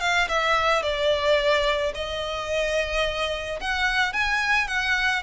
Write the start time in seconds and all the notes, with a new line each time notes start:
0.00 F5
0.28 E5
0.82 D5
1.94 D#5
3.60 F#5
4.13 G#5
4.67 F#5